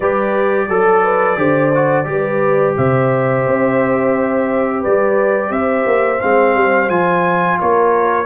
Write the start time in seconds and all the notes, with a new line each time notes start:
0.00 G3 G4 B4 D5
0.68 F#3 A4
1.03 B4
1.37 D3 G4 C5
1.74 F#4
2.04 G3 G4 B4
2.77 C3 C5 E5
3.47 C4
4.80 G3 B4 D5
5.50 C4 C5 E5
5.86 A#3
6.20 G#3 C4 F5
6.54 G3
6.89 F3 F4 G#5
7.59 A#3 A#4 C#5